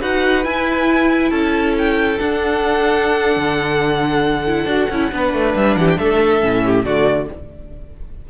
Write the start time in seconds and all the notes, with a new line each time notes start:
0.00 D#4 F#4 B4 F#5
0.44 E4 G#5
1.30 C#4 A4 A5
1.77 G5
2.17 D4 F#5
3.36 D3
4.46 E4
4.65 D4 F#4
4.90 C#4 E4
5.11 B3 D4 B4
5.33 A3
5.55 G3 E5
5.76 E3 G4 F#5
5.89 G5
5.98 A3 A4 E5
6.41 A2 C#4
6.65 G4
6.84 D3 A3 F#4 D5